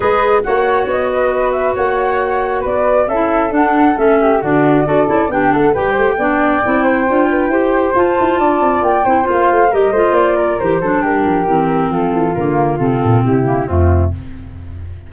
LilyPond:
<<
  \new Staff \with { instrumentName = "flute" } { \time 4/4 \tempo 4 = 136 dis''4 fis''4 dis''4. e''8 | fis''2 d''4 e''4 | fis''4 e''4 d''2 | g''8 fis''8 g''2.~ |
g''2 a''2 | g''4 f''4 dis''4 d''4 | c''4 ais'2 a'4 | ais'4 a'4 g'4 f'4 | }
  \new Staff \with { instrumentName = "flute" } { \time 4/4 b'4 cis''4. b'4. | cis''2 b'4 a'4~ | a'4. g'8 fis'4 a'4 | g'8 a'8 b'8 c''8 d''4. c''8~ |
c''8 b'8 c''2 d''4~ | d''8 c''4. ais'8 c''4 ais'8~ | ais'8 a'8 g'2 f'4~ | f'2 e'4 c'4 | }
  \new Staff \with { instrumentName = "clarinet" } { \time 4/4 gis'4 fis'2.~ | fis'2. e'4 | d'4 cis'4 d'4 fis'8 e'8 | d'4 g'4 d'4 e'4 |
f'4 g'4 f'2~ | f'8 e'8 f'4 g'8 f'4. | g'8 d'4. c'2 | ais4 c'4. ais8 a4 | }
  \new Staff \with { instrumentName = "tuba" } { \time 4/4 gis4 ais4 b2 | ais2 b4 cis'4 | d'4 a4 d4 d'8 cis'8 | b8 a8 g8 a8 b4 c'4 |
d'4 e'4 f'8 e'8 d'8 c'8 | ais8 c'8 ais8 a8 g8 a8 ais4 | e8 fis8 g8 f8 e4 f8 e8 | d4 c8 ais,8 c4 f,4 | }
>>